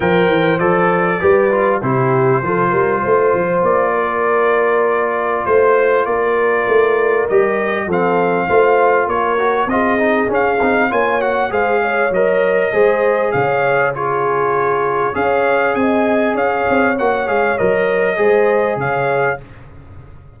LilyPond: <<
  \new Staff \with { instrumentName = "trumpet" } { \time 4/4 \tempo 4 = 99 g''4 d''2 c''4~ | c''2 d''2~ | d''4 c''4 d''2 | dis''4 f''2 cis''4 |
dis''4 f''4 gis''8 fis''8 f''4 | dis''2 f''4 cis''4~ | cis''4 f''4 gis''4 f''4 | fis''8 f''8 dis''2 f''4 | }
  \new Staff \with { instrumentName = "horn" } { \time 4/4 c''2 b'4 g'4 | a'8 ais'8 c''4. ais'4.~ | ais'4 c''4 ais'2~ | ais'4 a'4 c''4 ais'4 |
gis'2 cis''4 c''8 cis''8~ | cis''4 c''4 cis''4 gis'4~ | gis'4 cis''4 dis''4 cis''4~ | cis''2 c''4 cis''4 | }
  \new Staff \with { instrumentName = "trombone" } { \time 4/4 ais'4 a'4 g'8 f'8 e'4 | f'1~ | f'1 | g'4 c'4 f'4. fis'8 |
f'8 dis'8 cis'8 dis'8 f'8 fis'8 gis'4 | ais'4 gis'2 f'4~ | f'4 gis'2. | fis'8 gis'8 ais'4 gis'2 | }
  \new Staff \with { instrumentName = "tuba" } { \time 4/4 f8 e8 f4 g4 c4 | f8 g8 a8 f8 ais2~ | ais4 a4 ais4 a4 | g4 f4 a4 ais4 |
c'4 cis'8 c'8 ais4 gis4 | fis4 gis4 cis2~ | cis4 cis'4 c'4 cis'8 c'8 | ais8 gis8 fis4 gis4 cis4 | }
>>